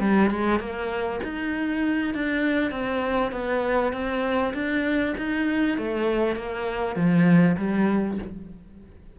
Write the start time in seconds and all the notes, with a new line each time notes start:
0.00 G3
0.30 G#3
0.60 A#3
1.24 D#4
2.15 D4
2.71 C4
3.32 B3
3.93 C4
4.54 D4
5.18 D#4
5.78 A3
6.36 A#3
6.96 F3
7.58 G3